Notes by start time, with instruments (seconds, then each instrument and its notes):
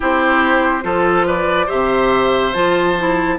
0.00 bassoon C4, clarinet E4, oboe G4, flute C5
0.82 bassoon F3, clarinet F4, oboe A4
1.26 oboe B4, flute D5
1.66 bassoon C3, clarinet G4, oboe C5, flute E5
2.53 bassoon F3, clarinet F4, flute A5
2.99 clarinet E4